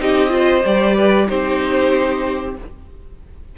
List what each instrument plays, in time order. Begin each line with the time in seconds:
0.00 cello C4, viola D#4, violin G4 D#5
0.29 viola F4, violin C5
0.65 cello G3, viola G4, violin D5
0.96 violin B4
1.28 cello C4, viola D#4, violin G4 C5